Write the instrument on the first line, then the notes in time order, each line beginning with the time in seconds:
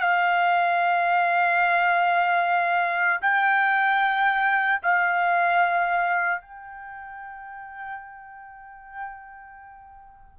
trumpet
0.00 F5
3.21 G5
4.83 F5
6.41 G5